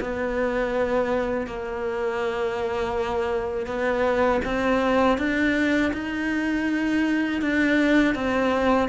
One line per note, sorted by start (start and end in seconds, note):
0.00 1.46 B3
1.46 3.66 A#3
3.66 4.40 B3
4.44 5.18 C4
5.18 5.92 D4
5.93 7.41 D#4
7.41 8.14 D4
8.14 8.89 C4